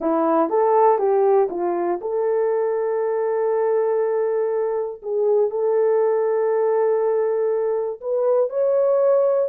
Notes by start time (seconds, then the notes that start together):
0.00 E4
0.49 A4
0.98 G4
1.50 F4
2.01 A4
5.02 G#4
5.50 A4
8.00 B4
8.49 C#5